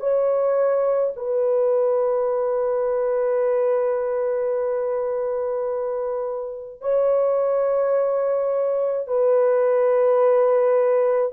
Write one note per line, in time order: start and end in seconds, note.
0.00 1.13 C#5
1.16 6.81 B4
6.81 9.08 C#5
9.08 11.33 B4